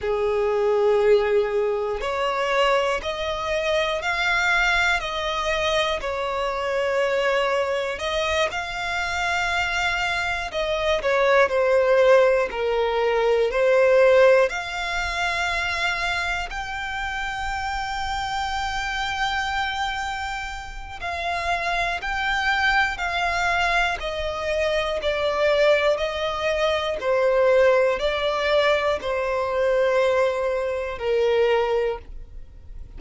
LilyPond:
\new Staff \with { instrumentName = "violin" } { \time 4/4 \tempo 4 = 60 gis'2 cis''4 dis''4 | f''4 dis''4 cis''2 | dis''8 f''2 dis''8 cis''8 c''8~ | c''8 ais'4 c''4 f''4.~ |
f''8 g''2.~ g''8~ | g''4 f''4 g''4 f''4 | dis''4 d''4 dis''4 c''4 | d''4 c''2 ais'4 | }